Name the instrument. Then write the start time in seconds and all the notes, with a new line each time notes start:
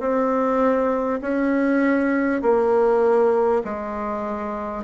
bassoon
0.00 C4
1.22 C#4
2.42 A#3
3.64 G#3